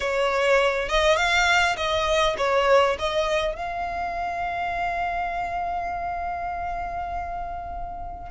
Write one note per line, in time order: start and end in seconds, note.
0.00 0.89 C#5
0.89 1.16 D#5
1.16 1.76 F5
1.76 2.35 D#5
2.37 2.96 C#5
2.98 3.55 D#5
3.55 8.30 F5